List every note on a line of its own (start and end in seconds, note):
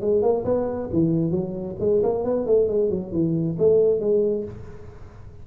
0.00 0.22 G#3
0.22 0.44 A#3
0.44 0.89 B3
0.92 1.31 E3
1.31 1.75 F#3
1.80 2.02 G#3
2.03 2.24 A#3
2.24 2.46 B3
2.46 2.68 A3
2.68 2.90 G#3
2.90 3.12 F#3
3.12 3.56 E3
3.58 4.00 A3
4.00 4.44 G#3